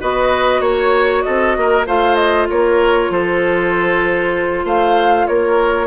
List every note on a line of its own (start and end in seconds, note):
0.00 0.60 B3
0.00 1.86 F#4
0.00 0.61 B4
0.00 0.61 D#5
0.60 1.22 A#3
0.60 1.22 C#5
0.60 1.23 C#5
1.22 1.56 C4
1.22 1.56 A4
1.22 1.84 D#5
1.56 1.86 A#3
1.56 1.86 A#4
1.86 2.48 A3
1.86 5.87 F4
1.86 2.48 C5
1.86 2.15 F5
2.15 2.46 D#5
2.49 3.10 A#3
2.49 3.11 A#4
2.49 3.11 C#5
3.10 4.64 F3
3.10 4.64 A4
3.10 4.66 C5
4.64 5.26 A3
4.64 5.26 C5
4.64 5.27 F5
5.27 5.87 A#3
5.27 5.87 A#4
5.27 5.87 C#5